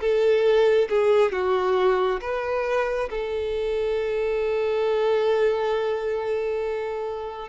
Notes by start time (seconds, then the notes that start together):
0.00 A4
0.89 G#4
1.32 F#4
2.21 B4
3.10 A4